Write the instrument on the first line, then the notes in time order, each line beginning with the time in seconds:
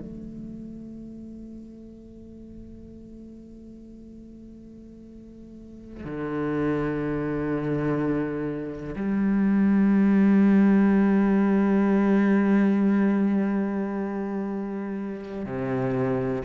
cello
0.00 A3
6.05 D3
8.96 G3
15.46 C3